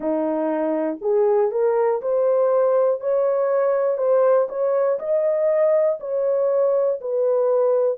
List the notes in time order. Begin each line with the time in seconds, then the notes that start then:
0.00 D#4
1.01 G#4
1.51 A#4
2.01 C5
3.00 C#5
3.97 C5
4.48 C#5
4.99 D#5
6.00 C#5
7.00 B4